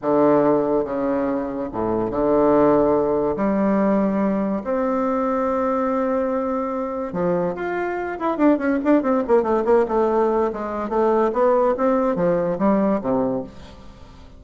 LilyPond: \new Staff \with { instrumentName = "bassoon" } { \time 4/4 \tempo 4 = 143 d2 cis2 | a,4 d2. | g2. c'4~ | c'1~ |
c'4 f4 f'4. e'8 | d'8 cis'8 d'8 c'8 ais8 a8 ais8 a8~ | a4 gis4 a4 b4 | c'4 f4 g4 c4 | }